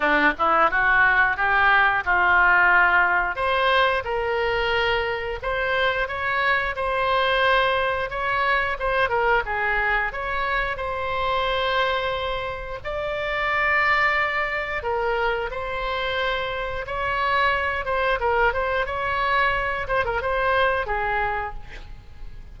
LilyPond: \new Staff \with { instrumentName = "oboe" } { \time 4/4 \tempo 4 = 89 d'8 e'8 fis'4 g'4 f'4~ | f'4 c''4 ais'2 | c''4 cis''4 c''2 | cis''4 c''8 ais'8 gis'4 cis''4 |
c''2. d''4~ | d''2 ais'4 c''4~ | c''4 cis''4. c''8 ais'8 c''8 | cis''4. c''16 ais'16 c''4 gis'4 | }